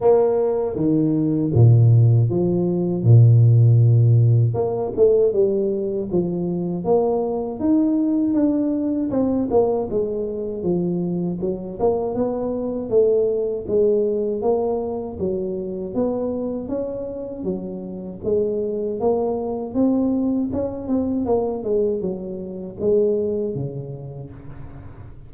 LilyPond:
\new Staff \with { instrumentName = "tuba" } { \time 4/4 \tempo 4 = 79 ais4 dis4 ais,4 f4 | ais,2 ais8 a8 g4 | f4 ais4 dis'4 d'4 | c'8 ais8 gis4 f4 fis8 ais8 |
b4 a4 gis4 ais4 | fis4 b4 cis'4 fis4 | gis4 ais4 c'4 cis'8 c'8 | ais8 gis8 fis4 gis4 cis4 | }